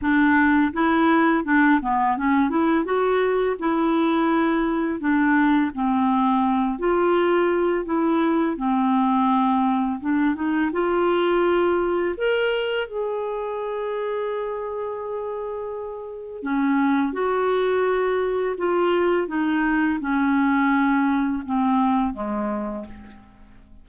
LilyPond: \new Staff \with { instrumentName = "clarinet" } { \time 4/4 \tempo 4 = 84 d'4 e'4 d'8 b8 cis'8 e'8 | fis'4 e'2 d'4 | c'4. f'4. e'4 | c'2 d'8 dis'8 f'4~ |
f'4 ais'4 gis'2~ | gis'2. cis'4 | fis'2 f'4 dis'4 | cis'2 c'4 gis4 | }